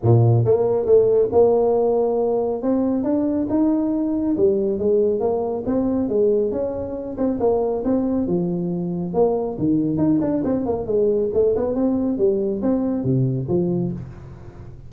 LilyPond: \new Staff \with { instrumentName = "tuba" } { \time 4/4 \tempo 4 = 138 ais,4 ais4 a4 ais4~ | ais2 c'4 d'4 | dis'2 g4 gis4 | ais4 c'4 gis4 cis'4~ |
cis'8 c'8 ais4 c'4 f4~ | f4 ais4 dis4 dis'8 d'8 | c'8 ais8 gis4 a8 b8 c'4 | g4 c'4 c4 f4 | }